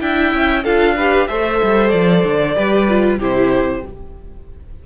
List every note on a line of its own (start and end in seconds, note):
0.00 0.32 D4
0.00 0.64 E4
0.00 0.63 E5
0.00 0.64 G5
0.32 0.64 C#4
0.63 1.28 D4
0.63 0.96 F4
0.63 0.95 A4
0.63 1.27 F5
0.96 1.29 G4
0.96 1.27 B4
1.27 1.61 A3
1.27 2.55 A4
1.27 2.55 C5
1.27 1.89 E5
1.62 1.93 G3
1.89 2.24 F3
1.89 3.16 D5
2.24 2.55 D3
2.55 3.18 G3
2.55 2.87 G4
2.55 3.18 B4
2.88 3.20 F4
3.18 3.82 C3
3.18 3.84 E4
3.18 3.82 G4
3.18 3.86 C5